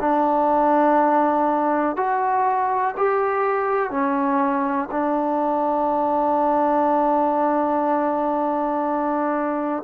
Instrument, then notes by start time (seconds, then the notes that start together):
trombone
0.00 D4
1.96 F#4
2.96 G4
3.90 C#4
4.91 D4